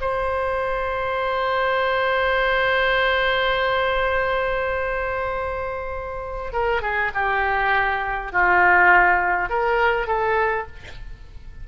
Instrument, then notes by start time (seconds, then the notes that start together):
oboe
0.00 C5
6.52 A#4
6.81 G#4
7.14 G4
8.32 F4
9.49 A#4
10.07 A4